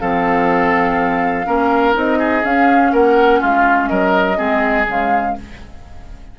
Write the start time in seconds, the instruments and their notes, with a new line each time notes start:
0.00 bassoon F3, clarinet C4, oboe A4, flute F5
1.45 bassoon A#3, clarinet C#4, oboe A#4
1.94 bassoon C4, clarinet D#4, flute D#5
2.19 oboe G#4
2.44 bassoon C#4, clarinet C#4, flute F5
2.93 bassoon A#3, oboe A#4, flute F#5
3.40 bassoon G#3, oboe F4, flute F5
3.88 bassoon F#3, oboe A#4, flute D#5
4.36 bassoon G#3, clarinet C4, oboe G#4
4.87 bassoon C#3, clarinet G#3, flute F5